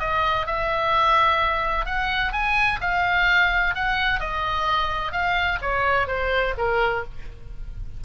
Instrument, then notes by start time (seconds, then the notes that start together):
oboe
0.00 D#5
0.47 E5
1.86 F#5
2.33 G#5
2.81 F5
3.75 F#5
4.21 D#5
5.12 F5
5.62 C#5
6.08 C5
6.58 A#4